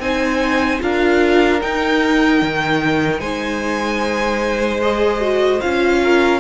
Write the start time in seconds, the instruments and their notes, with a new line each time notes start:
0.00 cello C4, viola D#4, violin C5 G#5
0.81 cello D4, viola F4, violin A#4 F5
1.61 viola D#4, cello D#4, violin G5
2.42 cello D#3
3.20 cello G#3, violin C5 G#5
4.82 viola G#4, violin D#5
5.21 viola F#4
5.61 cello C#4, viola F4, violin F5
6.03 violin A#4